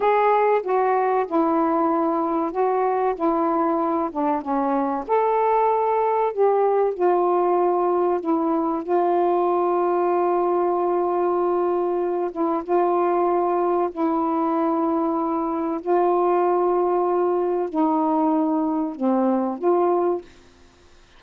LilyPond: \new Staff \with { instrumentName = "saxophone" } { \time 4/4 \tempo 4 = 95 gis'4 fis'4 e'2 | fis'4 e'4. d'8 cis'4 | a'2 g'4 f'4~ | f'4 e'4 f'2~ |
f'2.~ f'8 e'8 | f'2 e'2~ | e'4 f'2. | dis'2 c'4 f'4 | }